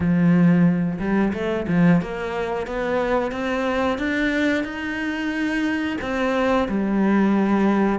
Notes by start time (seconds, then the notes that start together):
0.00 F3
0.99 G3
1.33 A3
1.68 F3
2.01 A#3
2.66 B3
3.31 C4
3.98 D4
4.63 D#4
6.01 C4
6.68 G3